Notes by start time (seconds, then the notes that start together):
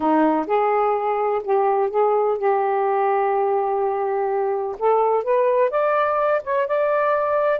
0.00 D#4
0.46 G#4
1.43 G4
1.90 G#4
2.37 G4
4.79 A4
5.23 B4
5.70 D5
6.43 C#5
6.67 D5